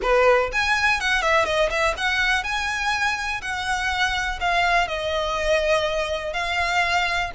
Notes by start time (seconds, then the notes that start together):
0.02 B4
0.52 G#5
1.00 F#5
1.22 E5
1.45 D#5
1.70 E5
1.97 F#5
2.43 G#5
3.41 F#5
4.40 F5
4.87 D#5
6.33 F5